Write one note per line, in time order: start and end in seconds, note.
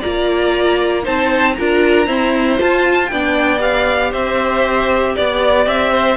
0.00 1.07 A#3
0.00 1.03 F4
0.00 1.03 D5
0.00 1.04 A#5
1.03 1.58 C4
1.03 1.55 D#4
1.03 1.55 C5
1.03 1.55 A5
1.55 2.08 D4
1.55 2.07 F4
1.55 2.07 A#4
1.55 2.57 A#5
2.07 2.58 C4
2.07 2.59 E4
2.07 3.09 C5
2.58 3.09 F4
2.58 3.12 F4
2.58 3.07 A5
3.07 4.13 B3
3.07 3.59 D4
3.07 4.10 D5
3.07 3.58 G5
3.59 6.15 G4
3.59 4.13 F5
4.10 5.16 C4
4.10 5.13 C5
4.10 5.16 E5
5.15 5.67 B3
5.15 5.92 D5
5.15 5.68 D5
5.67 6.17 C4
5.67 6.17 E5
5.92 6.17 C5